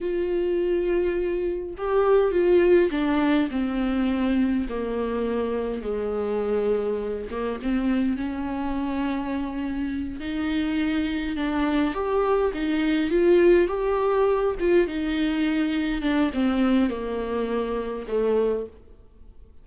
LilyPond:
\new Staff \with { instrumentName = "viola" } { \time 4/4 \tempo 4 = 103 f'2. g'4 | f'4 d'4 c'2 | ais2 gis2~ | gis8 ais8 c'4 cis'2~ |
cis'4. dis'2 d'8~ | d'8 g'4 dis'4 f'4 g'8~ | g'4 f'8 dis'2 d'8 | c'4 ais2 a4 | }